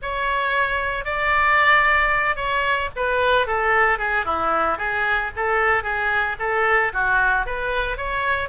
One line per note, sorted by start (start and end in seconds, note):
0.02 1.05 C#5
1.05 2.36 D5
2.36 2.89 C#5
2.96 3.46 B4
3.46 3.98 A4
3.98 4.25 G#4
4.25 4.78 E4
4.78 5.31 G#4
5.36 5.83 A4
5.83 6.36 G#4
6.39 6.92 A4
6.93 7.46 F#4
7.46 7.97 B4
7.97 8.49 C#5